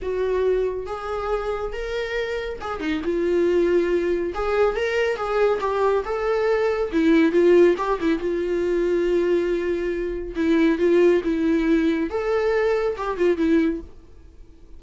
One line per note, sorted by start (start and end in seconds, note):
0.02 0.86 F#4
0.86 1.72 G#4
1.72 2.59 A#4
2.60 2.79 G#4
2.79 3.01 D#4
3.03 4.33 F4
4.34 4.76 G#4
4.76 5.16 A#4
5.16 5.59 G#4
5.60 6.03 G4
6.05 6.91 A4
6.92 7.32 E4
7.32 7.75 F4
7.77 7.99 G4
8.01 8.19 E4
8.19 10.34 F4
10.35 10.78 E4
10.78 11.21 F4
11.24 12.10 E4
12.10 12.96 A4
12.97 13.17 G4
13.17 13.37 F4
13.37 13.80 E4